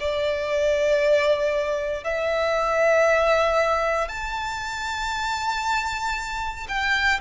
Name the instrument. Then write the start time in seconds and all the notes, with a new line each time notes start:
violin
0.00 D5
2.04 E5
4.09 A5
6.68 G5